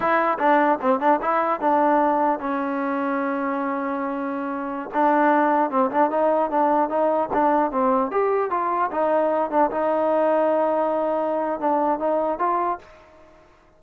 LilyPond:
\new Staff \with { instrumentName = "trombone" } { \time 4/4 \tempo 4 = 150 e'4 d'4 c'8 d'8 e'4 | d'2 cis'2~ | cis'1~ | cis'16 d'2 c'8 d'8 dis'8.~ |
dis'16 d'4 dis'4 d'4 c'8.~ | c'16 g'4 f'4 dis'4. d'16~ | d'16 dis'2.~ dis'8.~ | dis'4 d'4 dis'4 f'4 | }